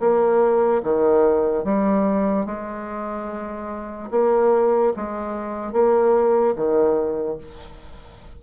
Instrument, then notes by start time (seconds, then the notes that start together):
bassoon
0.00 A#3
0.83 D#3
1.64 G3
2.46 G#3
4.11 A#3
4.96 G#3
5.73 A#3
6.56 D#3